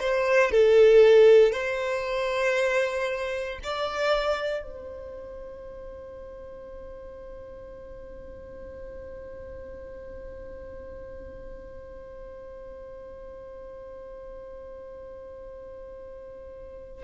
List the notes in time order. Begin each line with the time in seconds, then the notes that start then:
0.00 C5
0.52 A4
1.52 C5
3.63 D5
4.63 C5